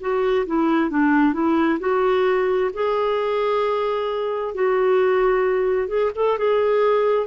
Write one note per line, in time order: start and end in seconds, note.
0.00 0.45 F#4
0.46 0.90 E4
0.90 1.33 D4
1.33 1.78 E4
1.79 2.70 F#4
2.73 4.54 G#4
4.54 5.88 F#4
5.88 6.10 G#4
6.15 6.38 A4
6.38 7.26 G#4